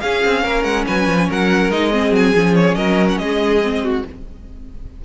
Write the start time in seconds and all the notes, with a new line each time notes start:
0.00 C#4 G#4 F5
0.25 C4
0.43 A#3 A#4
0.63 G#3 F#5
0.86 F#3 B4 G#5
1.08 F3
1.29 F#3 A#4 F#5
1.69 G#3 D#4 D#5
1.90 C4 G#4
2.11 F#3 G#5
2.35 F3 C#4
2.54 C#5
2.75 F#3 A#4 D#5
3.09 F#5
3.18 G#3 G#4 D#5
3.62 C4
3.83 F#4